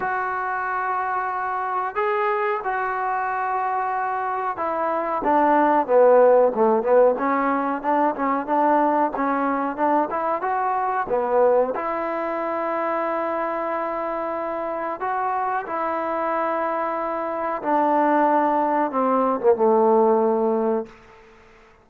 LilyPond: \new Staff \with { instrumentName = "trombone" } { \time 4/4 \tempo 4 = 92 fis'2. gis'4 | fis'2. e'4 | d'4 b4 a8 b8 cis'4 | d'8 cis'8 d'4 cis'4 d'8 e'8 |
fis'4 b4 e'2~ | e'2. fis'4 | e'2. d'4~ | d'4 c'8. ais16 a2 | }